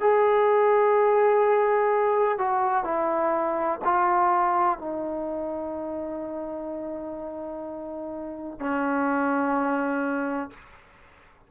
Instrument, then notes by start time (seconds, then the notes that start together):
trombone
0.00 G#4
2.38 F#4
2.84 E4
3.85 F4
4.78 D#4
8.59 C#4